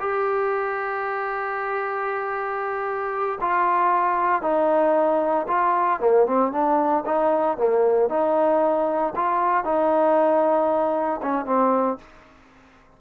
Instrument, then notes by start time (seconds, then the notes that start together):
trombone
0.00 G4
3.41 F4
4.42 D#4
5.48 F4
6.00 A#3
6.27 C4
6.52 D4
7.06 D#4
7.57 A#3
8.09 D#4
9.16 F4
9.64 D#4
11.22 C#4
11.46 C4